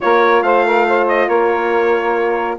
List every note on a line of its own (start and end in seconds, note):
0.00 0.42 A#3
0.00 2.59 F4
0.00 0.44 A#4
0.00 0.42 C#5
0.42 1.28 A3
0.42 0.65 C5
0.42 1.07 F5
0.65 0.87 A#4
0.87 1.28 C5
1.08 1.28 D#5
1.28 2.57 A#3
1.28 2.57 A#4
1.28 2.58 C#5